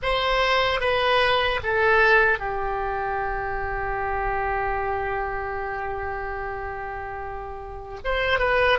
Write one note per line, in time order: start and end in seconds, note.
0.02 0.80 C5
0.80 1.60 B4
1.63 2.39 A4
2.39 7.99 G4
8.04 8.39 C5
8.39 8.78 B4